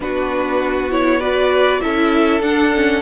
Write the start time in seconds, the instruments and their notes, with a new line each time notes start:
0.00 cello B3, viola D4, violin F#4 B4
0.90 viola E4, violin C#5
1.19 viola F#4, violin B4 D5
1.80 cello C#4, viola E4, violin A4 E5
2.40 cello D4, viola D4, violin F#5
2.74 viola C#4